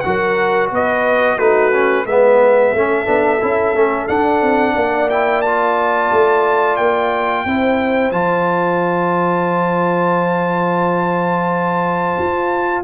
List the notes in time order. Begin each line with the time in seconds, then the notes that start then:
0.00 F#3 F#4 F#5
0.06 A#4
0.70 B3 B4 D#5
1.37 A3 D#4 F#4 B4
1.72 C#4
2.05 G#3 B3 B4 E5
2.72 A3 C#4 A4
3.05 B3 D4
3.41 C#4 E4
3.73 A3 C#4
4.08 D4 F#5
4.41 C4
4.74 A#3 D5
5.09 E4 G5
5.41 F4 A5
6.11 A3
6.76 A#3 G5
7.45 C4 E4 C5
8.11 F3 F4 A5
12.18 F4